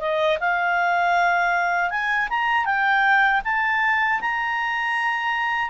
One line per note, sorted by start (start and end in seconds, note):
0.00 0.38 D#5
0.40 1.91 F5
1.91 2.29 G#5
2.30 2.65 A#5
2.65 3.41 G5
3.45 4.20 A5
4.21 5.70 A#5